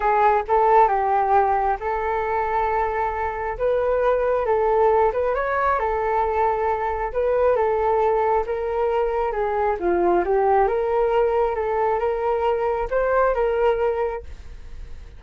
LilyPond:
\new Staff \with { instrumentName = "flute" } { \time 4/4 \tempo 4 = 135 gis'4 a'4 g'2 | a'1 | b'2 a'4. b'8 | cis''4 a'2. |
b'4 a'2 ais'4~ | ais'4 gis'4 f'4 g'4 | ais'2 a'4 ais'4~ | ais'4 c''4 ais'2 | }